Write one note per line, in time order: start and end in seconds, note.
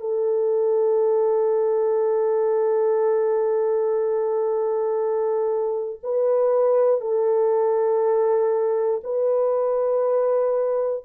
0.00 6.00 A4
6.04 7.01 B4
7.01 9.01 A4
9.04 11.04 B4